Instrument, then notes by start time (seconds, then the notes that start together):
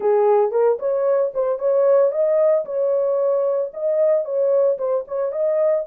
horn
0.00 G#4
0.51 A#4
0.79 C#5
1.33 C5
1.58 C#5
2.11 D#5
2.65 C#5
3.73 D#5
4.24 C#5
4.78 C5
5.07 C#5
5.31 D#5